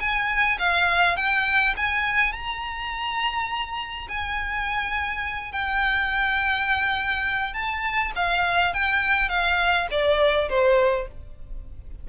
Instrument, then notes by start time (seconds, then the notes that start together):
violin
0.00 G#5
0.59 F5
1.17 G5
1.77 G#5
2.33 A#5
4.09 G#5
5.52 G5
7.54 A5
8.16 F5
8.74 G5
9.29 F5
9.91 D5
10.50 C5